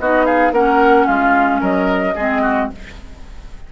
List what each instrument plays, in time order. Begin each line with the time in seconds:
0.00 bassoon B3, clarinet D#4, oboe F#4, flute D#5
0.25 oboe G#4, flute F5
0.52 bassoon A#3, clarinet C#4, oboe A#4, flute F#5
1.07 bassoon G#3, oboe F4, flute F5
1.60 bassoon F#3, oboe A#4, flute D#5
2.15 bassoon G#3, clarinet C4, oboe G#4
2.42 oboe F#4